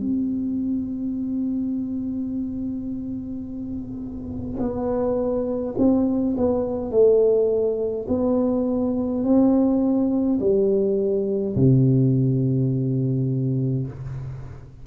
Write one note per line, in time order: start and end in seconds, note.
0.00 4.59 C4
4.59 5.75 B3
5.78 6.36 C4
6.37 6.91 B3
6.91 8.06 A3
8.08 9.24 B3
9.24 10.39 C4
10.40 11.55 G3
11.55 13.86 C3